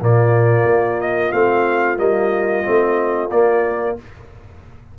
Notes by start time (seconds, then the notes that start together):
0.00 A#2 A#3 F4 D5
0.64 A#3
1.01 D#5
1.32 A3 C4 F5
1.97 G3 A#3 D#5
2.64 A3 C4
3.30 A#3 D5